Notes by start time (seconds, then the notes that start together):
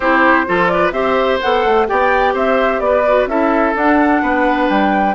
0.00 C4 E4 G4 C5
0.46 F3 F4 A4
0.67 B4 D5
0.91 C4 G4 C5 E5
1.40 B3 A4 F#5
1.65 A3
1.87 B3 G4 D5 G5
2.33 C4 C5 E5
2.79 B3 B4 D5
3.07 F#4
3.26 C#4 E4 A4 E5
3.74 D4 F#5
4.21 B3 B4
4.69 G3 G5